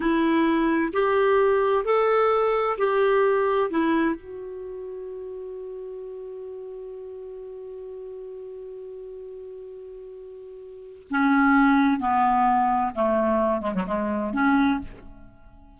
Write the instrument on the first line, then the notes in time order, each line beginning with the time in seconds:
clarinet
0.00 E4
0.93 G4
1.84 A4
2.78 G4
3.70 E4
4.15 F#4
11.10 C#4
11.99 B3
12.95 A3
13.61 G#3
13.74 F#3
13.86 G#3
14.33 C#4